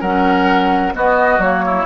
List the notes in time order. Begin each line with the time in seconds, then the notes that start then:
0.00 F#3 C#4 A#4 F#5
0.94 B3 F#4 D#5
1.38 F#3 A#3 C#5
1.65 E4